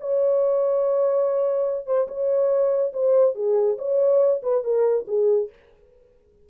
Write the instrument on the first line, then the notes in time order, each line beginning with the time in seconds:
horn
0.00 C#5
1.86 C5
2.07 C#5
2.93 C5
3.35 G#4
3.78 C#5
4.43 B4
4.63 A#4
5.07 G#4